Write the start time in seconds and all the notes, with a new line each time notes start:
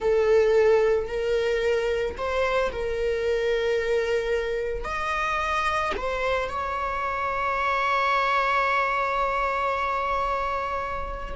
0.00 A4
1.07 A#4
2.17 C5
2.71 A#4
4.84 D#5
5.96 C5
6.48 C#5